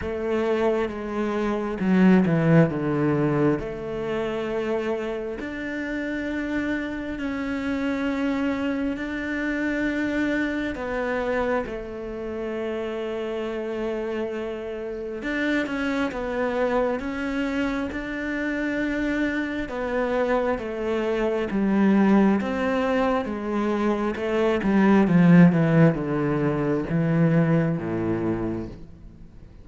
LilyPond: \new Staff \with { instrumentName = "cello" } { \time 4/4 \tempo 4 = 67 a4 gis4 fis8 e8 d4 | a2 d'2 | cis'2 d'2 | b4 a2.~ |
a4 d'8 cis'8 b4 cis'4 | d'2 b4 a4 | g4 c'4 gis4 a8 g8 | f8 e8 d4 e4 a,4 | }